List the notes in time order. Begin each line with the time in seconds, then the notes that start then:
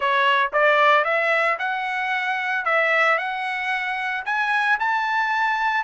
0.00 C#5
0.52 D5
1.04 E5
1.59 F#5
2.65 E5
3.18 F#5
4.25 G#5
4.79 A5